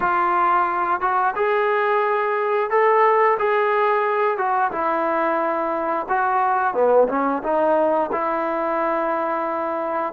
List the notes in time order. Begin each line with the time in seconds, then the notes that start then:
0.00 F4
1.01 F#4
1.35 G#4
2.70 A4
3.38 G#4
4.37 F#4
4.71 E4
6.09 F#4
6.74 B3
7.08 C#4
7.43 D#4
8.12 E4